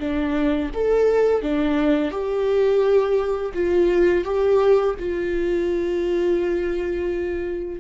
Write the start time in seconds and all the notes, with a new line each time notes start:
0.00 D4
0.74 A4
1.42 D4
2.11 G4
3.54 F4
4.24 G4
5.00 F4